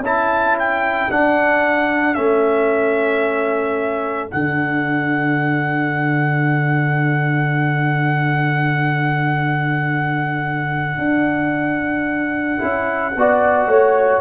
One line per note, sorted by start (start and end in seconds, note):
0.00 1.07 C#4
0.00 1.10 E4
0.00 13.14 A4
0.00 0.58 A5
0.59 1.11 G5
1.10 2.15 D4
1.10 2.17 D4
1.10 2.14 F#5
2.14 4.31 A3
2.14 4.28 C#4
2.14 4.28 E5
4.28 10.98 D3
4.28 12.58 D4
4.28 14.20 F#5
10.98 12.58 D4
12.58 13.15 C#4
12.58 13.12 E4
13.15 13.66 B3
13.15 14.20 F#4
13.15 13.68 D5
13.66 14.20 A3
13.66 14.20 C#5